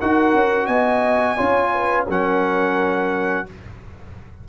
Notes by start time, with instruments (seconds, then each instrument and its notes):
0.00 tuba D#4, trombone F#4, horn A#4, trumpet F#5
0.33 tuba C#4
0.66 tuba B3, horn D#5, trumpet G#5
1.36 tuba C#4, trombone F4, horn C#5
1.73 horn B4
2.08 tuba F#3, trombone C#4, horn A#4, trumpet F#5